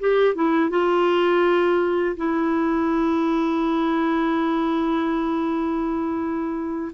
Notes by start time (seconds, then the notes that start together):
0.00 G4
0.35 E4
0.70 F4
2.17 E4